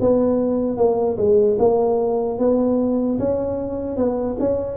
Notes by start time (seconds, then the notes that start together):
0.00 B3
0.77 A#3
1.17 G#3
1.58 A#3
2.39 B3
3.19 C#4
3.96 B3
4.39 C#4